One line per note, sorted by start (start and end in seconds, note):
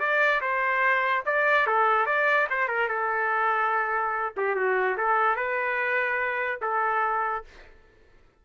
0.00 0.41 D5
0.42 1.25 C5
1.26 1.67 D5
1.67 2.06 A4
2.06 2.48 D5
2.51 2.69 C5
2.69 2.89 A#4
2.89 4.34 A4
4.37 4.56 G4
4.56 4.97 F#4
4.98 5.36 A4
5.36 6.61 B4
6.62 7.45 A4